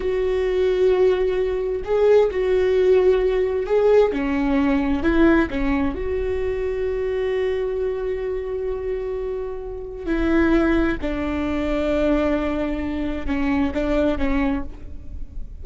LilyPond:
\new Staff \with { instrumentName = "viola" } { \time 4/4 \tempo 4 = 131 fis'1 | gis'4 fis'2. | gis'4 cis'2 e'4 | cis'4 fis'2.~ |
fis'1~ | fis'2 e'2 | d'1~ | d'4 cis'4 d'4 cis'4 | }